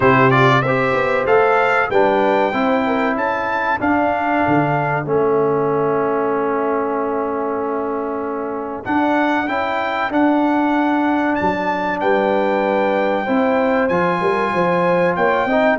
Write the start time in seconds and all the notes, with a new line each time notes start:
0.00 C3 E4 G4 C5
0.31 F4 D5
0.62 C4 G4 C5 E5
0.93 B3
1.25 A3 A4 F5
1.89 G3 D4 B4 G5
2.51 C4 E4 C5
2.86 A#4
3.15 C#4 A4 A5
3.80 D4 F5
4.47 D3
5.05 A3 C#4 E5
8.84 D4 F#5
9.48 C#4 E4 G5
10.10 D4 F#5
11.35 F#3 A5
12.00 G3 B4 G5
13.24 C4 E4 C5
13.88 F3 F4 G#5
14.21 G3 A#4
14.53 F3 C5
15.15 A#3 C#5 G5
15.45 C4 D#4 D#5